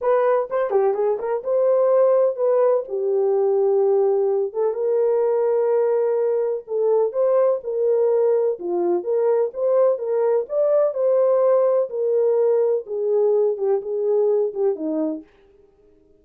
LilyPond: \new Staff \with { instrumentName = "horn" } { \time 4/4 \tempo 4 = 126 b'4 c''8 g'8 gis'8 ais'8 c''4~ | c''4 b'4 g'2~ | g'4. a'8 ais'2~ | ais'2 a'4 c''4 |
ais'2 f'4 ais'4 | c''4 ais'4 d''4 c''4~ | c''4 ais'2 gis'4~ | gis'8 g'8 gis'4. g'8 dis'4 | }